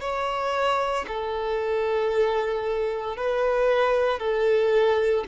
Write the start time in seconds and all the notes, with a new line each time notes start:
0.00 C#5
1.07 A4
3.16 B4
4.19 A4